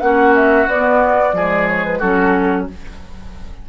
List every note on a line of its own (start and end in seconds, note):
0.00 0.66 A#3
0.00 0.67 C#4
0.00 1.36 F#4
0.00 0.33 F#5
0.35 0.68 E5
0.66 1.33 B3
0.66 1.34 B3
0.66 1.68 D5
1.33 1.99 F3
1.33 2.02 G#3
1.33 1.99 G#4
1.68 1.85 C#5
1.85 2.01 B4
1.99 2.69 F#3
1.99 2.69 C#4
1.99 2.66 F#4
1.99 2.67 A4